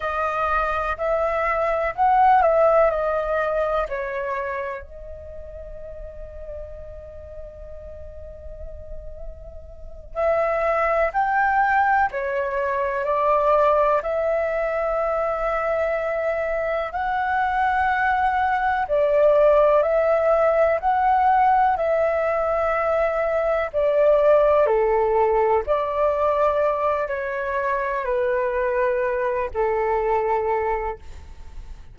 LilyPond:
\new Staff \with { instrumentName = "flute" } { \time 4/4 \tempo 4 = 62 dis''4 e''4 fis''8 e''8 dis''4 | cis''4 dis''2.~ | dis''2~ dis''8 e''4 g''8~ | g''8 cis''4 d''4 e''4.~ |
e''4. fis''2 d''8~ | d''8 e''4 fis''4 e''4.~ | e''8 d''4 a'4 d''4. | cis''4 b'4. a'4. | }